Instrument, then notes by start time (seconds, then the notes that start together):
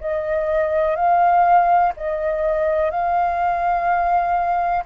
flute
0.00 D#5
0.96 F5
1.97 D#5
2.90 F5